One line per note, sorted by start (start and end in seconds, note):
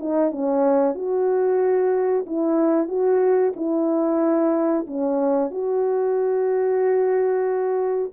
0.00 0.32 D#4
0.32 0.95 C#4
0.95 2.26 F#4
2.26 2.88 E4
2.88 3.53 F#4
3.56 4.86 E4
4.87 5.51 C#4
5.51 8.12 F#4